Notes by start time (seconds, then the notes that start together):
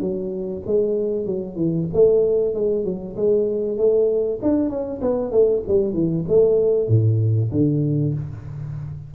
0.00 F#3
0.66 G#3
1.26 F#3
1.56 E3
1.93 A3
2.54 G#3
2.85 F#3
3.16 G#3
3.77 A3
4.42 D4
4.69 C#4
5.01 B3
5.32 A3
5.68 G3
5.93 E3
6.28 A3
6.88 A2
7.51 D3